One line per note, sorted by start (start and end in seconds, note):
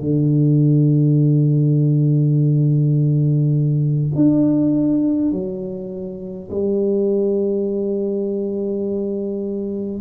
0.00 4.12 D3
4.16 5.32 D4
5.32 6.50 F#3
6.51 10.02 G3